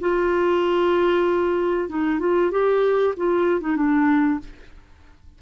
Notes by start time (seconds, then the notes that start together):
0.00 F4
1.89 D#4
2.19 F4
2.51 G4
3.16 F4
3.60 D#4
3.76 D4